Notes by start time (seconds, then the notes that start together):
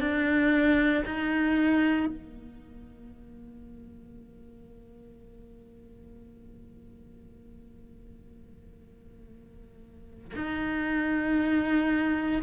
0.00 D4
1.05 D#4
2.06 A#3
10.35 D#4